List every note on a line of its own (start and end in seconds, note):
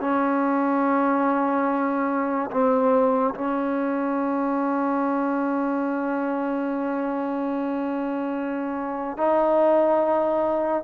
0.00 2.50 C#4
2.51 3.34 C4
3.34 9.17 C#4
9.17 10.83 D#4